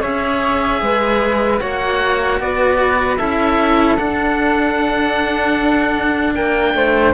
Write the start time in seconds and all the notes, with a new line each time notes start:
0.00 C#4 G#4 C#5 E5
0.81 G#3 B4
1.59 A#3 F#4 C#5 F#5
2.39 B3 B4 D5
3.17 C#4 E4 A4 E5
3.97 D4 F#5
6.34 A#3 A#4 G5
6.74 A3 C5